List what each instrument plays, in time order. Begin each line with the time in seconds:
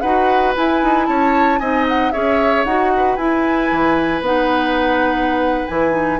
0.00 bassoon D#4, clarinet F#4, oboe B4, flute F#5
0.55 clarinet E4, bassoon E4, flute G#5
0.83 bassoon D#4
1.06 bassoon C#4, oboe C#5, flute A5
1.59 bassoon C4, clarinet D#4, oboe D#5, flute G#5
1.88 flute F#5
2.11 bassoon C#4, clarinet G#4, oboe C#5, flute E5
2.64 bassoon D#4, clarinet F#4, flute F#5
2.97 oboe B4
3.16 bassoon E4, clarinet E4, flute G#5
3.71 bassoon E3
4.21 bassoon B3, clarinet D#4, flute F#5
5.67 bassoon E3, clarinet E4, flute G#5
5.91 clarinet D#4